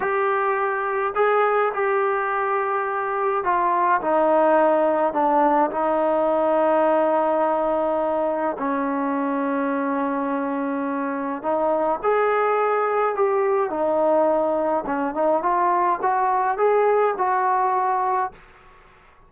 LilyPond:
\new Staff \with { instrumentName = "trombone" } { \time 4/4 \tempo 4 = 105 g'2 gis'4 g'4~ | g'2 f'4 dis'4~ | dis'4 d'4 dis'2~ | dis'2. cis'4~ |
cis'1 | dis'4 gis'2 g'4 | dis'2 cis'8 dis'8 f'4 | fis'4 gis'4 fis'2 | }